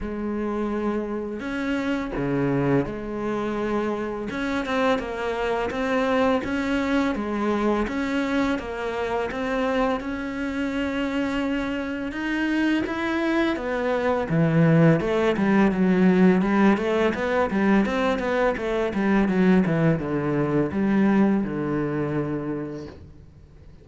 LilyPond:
\new Staff \with { instrumentName = "cello" } { \time 4/4 \tempo 4 = 84 gis2 cis'4 cis4 | gis2 cis'8 c'8 ais4 | c'4 cis'4 gis4 cis'4 | ais4 c'4 cis'2~ |
cis'4 dis'4 e'4 b4 | e4 a8 g8 fis4 g8 a8 | b8 g8 c'8 b8 a8 g8 fis8 e8 | d4 g4 d2 | }